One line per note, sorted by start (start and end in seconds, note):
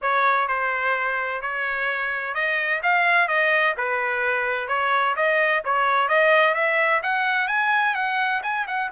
0.01 0.48 C#5
0.48 1.41 C5
1.41 2.34 C#5
2.34 2.81 D#5
2.82 3.28 F5
3.28 3.75 D#5
3.77 4.68 B4
4.68 5.15 C#5
5.16 5.62 D#5
5.64 6.08 C#5
6.08 6.54 D#5
6.54 7.01 E5
7.02 7.47 F#5
7.47 7.94 G#5
7.94 8.41 F#5
8.43 8.66 G#5
8.67 8.90 F#5